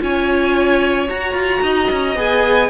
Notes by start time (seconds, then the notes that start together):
0.00 C#4 F4 C#5 G#5
1.09 F#4 A#5
1.34 F4
1.62 D#4 D#5
1.92 C#4
2.16 B3 G#4 G#5